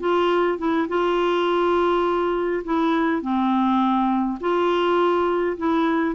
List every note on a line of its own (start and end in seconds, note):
0.00 0.58 F4
0.59 0.88 E4
0.88 2.63 F4
2.64 3.22 E4
3.22 4.38 C4
4.40 5.57 F4
5.57 6.15 E4